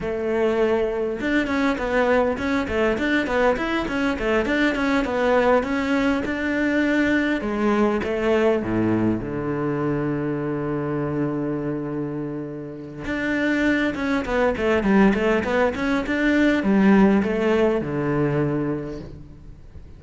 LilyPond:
\new Staff \with { instrumentName = "cello" } { \time 4/4 \tempo 4 = 101 a2 d'8 cis'8 b4 | cis'8 a8 d'8 b8 e'8 cis'8 a8 d'8 | cis'8 b4 cis'4 d'4.~ | d'8 gis4 a4 a,4 d8~ |
d1~ | d2 d'4. cis'8 | b8 a8 g8 a8 b8 cis'8 d'4 | g4 a4 d2 | }